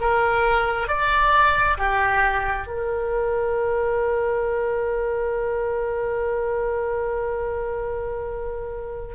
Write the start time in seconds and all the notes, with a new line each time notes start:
0.00 A#4
0.88 D5
1.77 G4
2.67 A#4